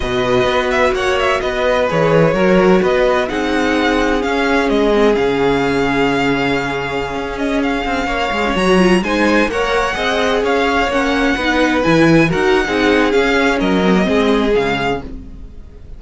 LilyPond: <<
  \new Staff \with { instrumentName = "violin" } { \time 4/4 \tempo 4 = 128 dis''4. e''8 fis''8 e''8 dis''4 | cis''2 dis''4 fis''4~ | fis''4 f''4 dis''4 f''4~ | f''2.~ f''8. dis''16~ |
dis''16 f''2 ais''4 gis''8.~ | gis''16 fis''2 f''4 fis''8.~ | fis''4~ fis''16 gis''4 fis''4.~ fis''16 | f''4 dis''2 f''4 | }
  \new Staff \with { instrumentName = "violin" } { \time 4/4 b'2 cis''4 b'4~ | b'4 ais'4 b'4 gis'4~ | gis'1~ | gis'1~ |
gis'4~ gis'16 cis''2 c''8.~ | c''16 cis''4 dis''4 cis''4.~ cis''16~ | cis''16 b'2 ais'8. gis'4~ | gis'4 ais'4 gis'2 | }
  \new Staff \with { instrumentName = "viola" } { \time 4/4 fis'1 | gis'4 fis'2 dis'4~ | dis'4 cis'4. c'8 cis'4~ | cis'1~ |
cis'4.~ cis'16 gis'16 cis'16 fis'8 f'8 dis'8.~ | dis'16 ais'4 gis'2 cis'8.~ | cis'16 dis'4 e'4 fis'8. dis'4 | cis'4. c'16 ais16 c'4 gis4 | }
  \new Staff \with { instrumentName = "cello" } { \time 4/4 b,4 b4 ais4 b4 | e4 fis4 b4 c'4~ | c'4 cis'4 gis4 cis4~ | cis2.~ cis16 cis'8.~ |
cis'8. c'8 ais8 gis8 fis4 gis8.~ | gis16 ais4 c'4 cis'4 ais8.~ | ais16 b4 e4 dis'8. c'4 | cis'4 fis4 gis4 cis4 | }
>>